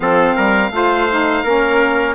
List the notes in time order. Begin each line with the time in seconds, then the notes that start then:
0.00 F3 C4 A4 F5
0.35 G3 A#4
0.70 A3 F4 C5
1.09 D#4
1.43 A#3 C#4 A#4